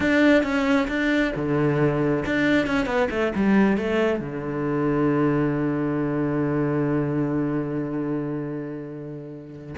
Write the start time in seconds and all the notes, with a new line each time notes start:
0.00 D4
0.43 C#4
0.87 D4
1.35 D3
2.25 D4
2.66 C#4
2.86 B3
3.10 A3
3.35 G3
3.77 A3
4.19 D3